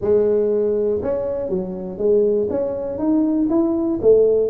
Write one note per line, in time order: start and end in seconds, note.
0.01 1.01 G#3
1.02 1.49 C#4
1.49 1.97 F#3
1.97 2.48 G#3
2.50 2.98 C#4
2.98 3.48 D#4
3.49 3.99 E4
4.01 4.49 A3